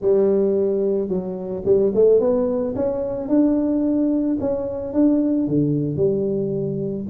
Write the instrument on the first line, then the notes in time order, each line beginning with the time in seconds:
tuba
0.01 G3
1.08 F#3
1.65 G3
1.94 A3
2.20 B3
2.75 C#4
3.28 D4
4.40 C#4
4.93 D4
5.47 D3
5.96 G3